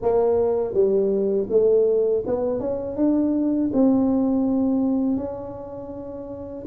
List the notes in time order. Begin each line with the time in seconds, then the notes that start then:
0.02 A#3
0.73 G3
1.49 A3
2.26 B3
2.60 C#4
2.96 D4
3.73 C4
5.16 C#4